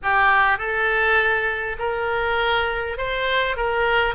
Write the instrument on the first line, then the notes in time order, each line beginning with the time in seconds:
oboe
0.02 G4
0.58 A4
1.78 A#4
2.97 C5
3.56 A#4